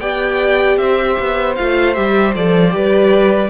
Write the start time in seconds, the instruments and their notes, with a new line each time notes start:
0.00 cello B3, viola G4, violin D5 G5
0.78 cello C4, violin C5 E5
1.20 cello B3
1.56 cello A3, viola F4, violin F5
1.95 cello G3, viola G4, violin E5
2.35 cello F3, viola A4, violin D5
2.71 cello G3, viola G4, violin B4